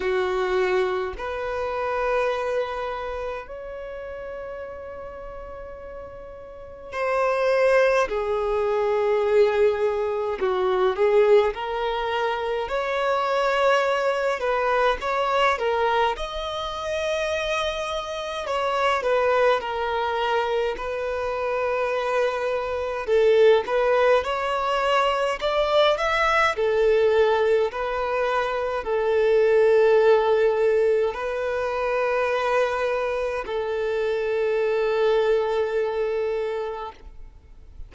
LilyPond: \new Staff \with { instrumentName = "violin" } { \time 4/4 \tempo 4 = 52 fis'4 b'2 cis''4~ | cis''2 c''4 gis'4~ | gis'4 fis'8 gis'8 ais'4 cis''4~ | cis''8 b'8 cis''8 ais'8 dis''2 |
cis''8 b'8 ais'4 b'2 | a'8 b'8 cis''4 d''8 e''8 a'4 | b'4 a'2 b'4~ | b'4 a'2. | }